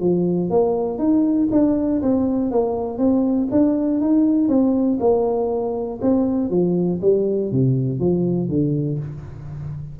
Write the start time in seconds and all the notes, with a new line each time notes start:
0.00 F3
0.50 A#3
0.98 D#4
1.51 D4
2.02 C4
2.51 A#3
2.98 C4
3.51 D4
4.00 D#4
4.48 C4
5.00 A#3
6.01 C4
6.50 F3
7.02 G3
7.51 C3
7.99 F3
8.49 D3